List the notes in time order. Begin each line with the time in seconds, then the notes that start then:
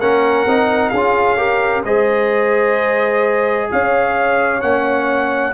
0.00 A#3 C#4 A#4 F#5
0.45 C4 D#4
0.89 C#4 G#4 F5
0.96 F4
1.37 G4 A#4
1.84 G#3 G#4 C5 D#5
3.71 C#4 C#5 F5
4.60 A#3 C#4 F#5